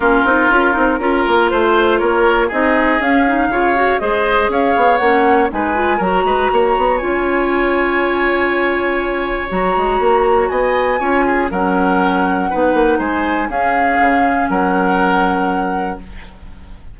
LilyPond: <<
  \new Staff \with { instrumentName = "flute" } { \time 4/4 \tempo 4 = 120 ais'2. c''4 | cis''4 dis''4 f''2 | dis''4 f''4 fis''4 gis''4 | ais''2 gis''2~ |
gis''2. ais''4~ | ais''4 gis''2 fis''4~ | fis''2 gis''4 f''4~ | f''4 fis''2. | }
  \new Staff \with { instrumentName = "oboe" } { \time 4/4 f'2 ais'4 c''4 | ais'4 gis'2 cis''4 | c''4 cis''2 b'4 | ais'8 b'8 cis''2.~ |
cis''1~ | cis''4 dis''4 cis''8 gis'8 ais'4~ | ais'4 b'4 c''4 gis'4~ | gis'4 ais'2. | }
  \new Staff \with { instrumentName = "clarinet" } { \time 4/4 cis'8 dis'8 f'8 dis'8 f'2~ | f'4 dis'4 cis'8 dis'8 f'8 fis'8 | gis'2 cis'4 dis'8 f'8 | fis'2 f'2~ |
f'2. fis'4~ | fis'2 f'4 cis'4~ | cis'4 dis'2 cis'4~ | cis'1 | }
  \new Staff \with { instrumentName = "bassoon" } { \time 4/4 ais8 c'8 cis'8 c'8 cis'8 ais8 a4 | ais4 c'4 cis'4 cis4 | gis4 cis'8 b8 ais4 gis4 | fis8 gis8 ais8 b8 cis'2~ |
cis'2. fis8 gis8 | ais4 b4 cis'4 fis4~ | fis4 b8 ais8 gis4 cis'4 | cis4 fis2. | }
>>